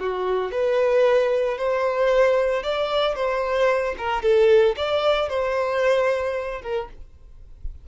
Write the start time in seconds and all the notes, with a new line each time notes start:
0.00 F#4
0.52 B4
1.58 C5
2.63 D5
3.16 C5
3.98 A#4
4.23 A4
4.77 D5
5.29 C5
6.62 A#4